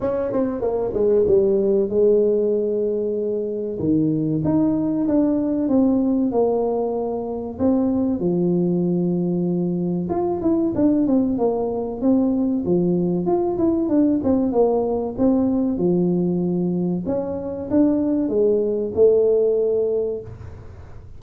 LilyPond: \new Staff \with { instrumentName = "tuba" } { \time 4/4 \tempo 4 = 95 cis'8 c'8 ais8 gis8 g4 gis4~ | gis2 dis4 dis'4 | d'4 c'4 ais2 | c'4 f2. |
f'8 e'8 d'8 c'8 ais4 c'4 | f4 f'8 e'8 d'8 c'8 ais4 | c'4 f2 cis'4 | d'4 gis4 a2 | }